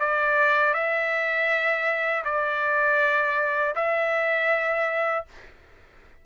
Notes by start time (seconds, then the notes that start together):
0.00 D5
0.74 E5
2.25 D5
3.76 E5